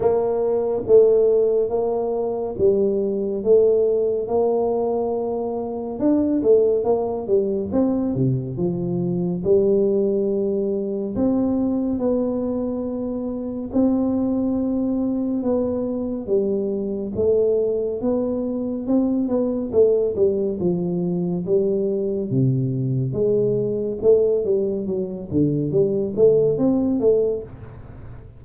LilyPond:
\new Staff \with { instrumentName = "tuba" } { \time 4/4 \tempo 4 = 70 ais4 a4 ais4 g4 | a4 ais2 d'8 a8 | ais8 g8 c'8 c8 f4 g4~ | g4 c'4 b2 |
c'2 b4 g4 | a4 b4 c'8 b8 a8 g8 | f4 g4 c4 gis4 | a8 g8 fis8 d8 g8 a8 c'8 a8 | }